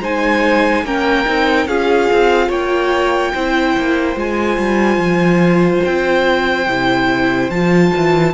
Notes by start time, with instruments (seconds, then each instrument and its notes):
0.00 cello G#3, viola D#4, violin C5 G#5
0.83 cello A#3, viola C#4, violin A#4 G5
1.25 cello C4, viola D#4
1.67 cello C#4, viola F4, violin G#4 F5
2.13 cello C4
2.48 cello A#3, violin C#5 G5
3.34 cello C4, viola E4, violin C5
3.77 cello A#3
4.16 cello G#3, viola F4, violin G#5
4.58 cello G3
4.97 cello F3
5.84 cello C4, violin G5
6.67 cello C3, viola E4
7.50 cello F3, viola F4, violin A5
7.97 cello E3